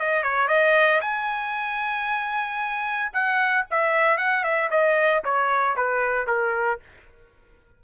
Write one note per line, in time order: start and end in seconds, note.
0.00 0.23 D#5
0.23 0.48 C#5
0.48 1.01 D#5
1.02 3.12 G#5
3.13 3.66 F#5
3.71 4.18 E5
4.18 4.44 F#5
4.44 4.70 E5
4.71 5.24 D#5
5.25 5.77 C#5
5.77 6.28 B4
6.28 6.80 A#4